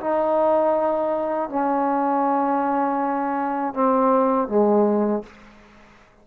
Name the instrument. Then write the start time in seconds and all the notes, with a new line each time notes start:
trombone
0.00 D#4
1.49 C#4
3.73 C4
4.48 G#3